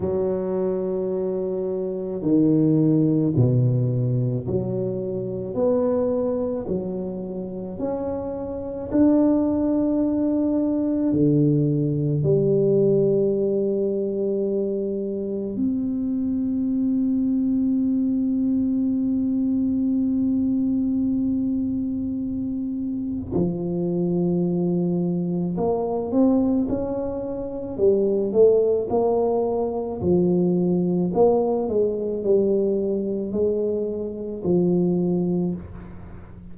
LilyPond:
\new Staff \with { instrumentName = "tuba" } { \time 4/4 \tempo 4 = 54 fis2 dis4 b,4 | fis4 b4 fis4 cis'4 | d'2 d4 g4~ | g2 c'2~ |
c'1~ | c'4 f2 ais8 c'8 | cis'4 g8 a8 ais4 f4 | ais8 gis8 g4 gis4 f4 | }